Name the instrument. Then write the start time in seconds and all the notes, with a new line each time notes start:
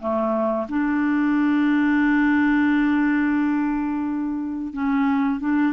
clarinet
0.00 A3
0.69 D4
4.73 C#4
5.40 D4